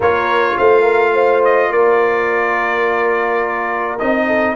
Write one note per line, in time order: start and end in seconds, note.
0.00 0.55 A#3
0.00 3.99 F4
0.00 0.55 A#4
0.00 0.57 C#5
0.57 1.70 A3
0.57 0.82 C5
0.57 1.43 F5
0.82 1.11 A#4
1.13 1.70 C5
1.44 1.72 D#5
1.70 3.98 A#3
1.70 4.26 A#4
1.70 3.98 D5
3.98 4.56 C4
3.98 4.56 D#4
3.98 4.56 D#5
4.26 4.55 A4